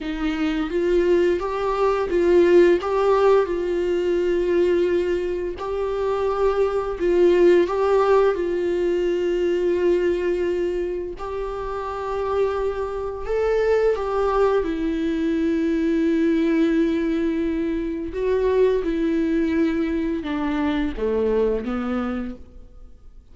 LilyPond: \new Staff \with { instrumentName = "viola" } { \time 4/4 \tempo 4 = 86 dis'4 f'4 g'4 f'4 | g'4 f'2. | g'2 f'4 g'4 | f'1 |
g'2. a'4 | g'4 e'2.~ | e'2 fis'4 e'4~ | e'4 d'4 a4 b4 | }